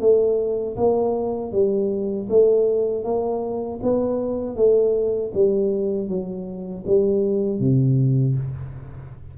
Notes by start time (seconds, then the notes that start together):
0.00 A3
0.77 A#3
1.52 G3
2.29 A3
3.04 A#3
3.83 B3
4.56 A3
5.34 G3
6.08 F#3
6.87 G3
7.59 C3